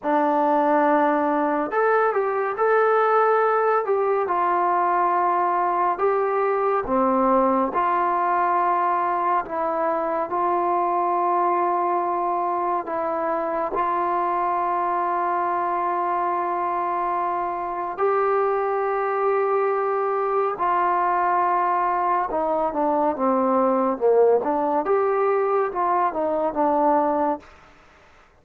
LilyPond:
\new Staff \with { instrumentName = "trombone" } { \time 4/4 \tempo 4 = 70 d'2 a'8 g'8 a'4~ | a'8 g'8 f'2 g'4 | c'4 f'2 e'4 | f'2. e'4 |
f'1~ | f'4 g'2. | f'2 dis'8 d'8 c'4 | ais8 d'8 g'4 f'8 dis'8 d'4 | }